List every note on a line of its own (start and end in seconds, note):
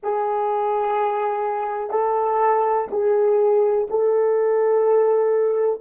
0.02 1.90 G#4
1.90 2.87 A4
2.91 3.88 G#4
3.89 5.81 A4